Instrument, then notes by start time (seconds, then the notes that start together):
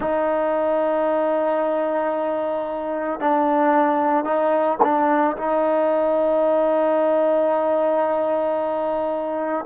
trombone
0.00 D#4
3.19 D4
4.24 D#4
4.83 D4
5.36 D#4